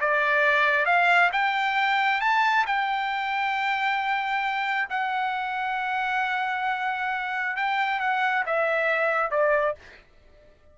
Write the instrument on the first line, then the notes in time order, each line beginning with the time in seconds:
trumpet
0.00 D5
0.85 F5
1.32 G5
2.21 A5
2.66 G5
4.89 F#5
7.56 G5
7.99 F#5
8.46 E5
9.30 D5